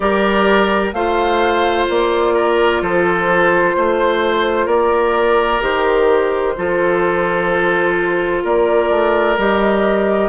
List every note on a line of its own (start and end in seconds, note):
0.00 0.93 G3
0.00 0.93 G4
0.00 0.94 A#4
0.00 0.90 D5
0.93 1.86 A3
0.93 5.60 F4
0.93 2.34 C5
0.93 1.87 F5
1.89 2.81 A#3
1.89 2.82 D5
2.34 2.81 A#4
2.81 3.75 F3
2.81 3.76 A4
2.81 4.67 C5
3.76 4.66 A3
3.76 4.65 C5
4.65 5.60 A#3
4.65 6.53 A#4
4.65 5.61 D5
5.60 6.55 D#3
5.60 6.54 G4
5.60 8.43 C5
6.56 8.44 F3
6.56 9.38 F4
6.56 8.43 A4
8.43 8.90 A#3
8.43 10.29 A#4
8.43 9.38 D5
8.90 9.37 A3
9.37 10.29 G3
9.37 10.29 G4
9.37 10.29 D#5